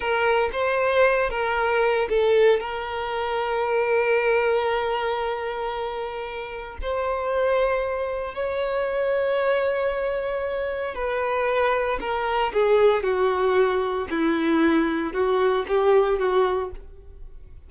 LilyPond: \new Staff \with { instrumentName = "violin" } { \time 4/4 \tempo 4 = 115 ais'4 c''4. ais'4. | a'4 ais'2.~ | ais'1~ | ais'4 c''2. |
cis''1~ | cis''4 b'2 ais'4 | gis'4 fis'2 e'4~ | e'4 fis'4 g'4 fis'4 | }